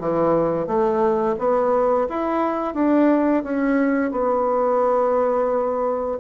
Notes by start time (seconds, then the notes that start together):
0.00 E3
0.67 A3
1.38 B3
2.09 E4
2.74 D4
3.43 C#4
4.11 B3